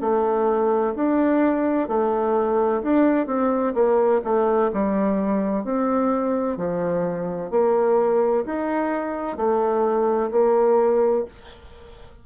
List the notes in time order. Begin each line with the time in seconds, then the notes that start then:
0.00 A3
0.95 D4
1.88 A3
2.82 D4
3.26 C4
3.74 A#3
4.24 A3
4.73 G3
5.64 C4
6.57 F3
7.50 A#3
8.45 D#4
9.37 A3
10.31 A#3